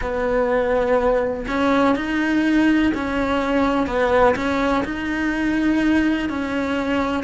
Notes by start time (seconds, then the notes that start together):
0.00 B3
1.47 C#4
1.95 D#4
2.94 C#4
3.86 B3
4.35 C#4
4.84 D#4
6.29 C#4